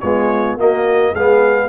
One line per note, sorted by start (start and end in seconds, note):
0.00 0.59 G#3
0.00 0.58 B3
0.00 0.59 F4
0.00 0.56 C#5
0.58 1.14 A#3
0.58 1.15 A#3
0.58 1.13 F#4
0.58 1.15 D#5
1.13 1.69 G#3
1.13 1.69 B3
1.13 1.69 G#4
1.13 1.69 F5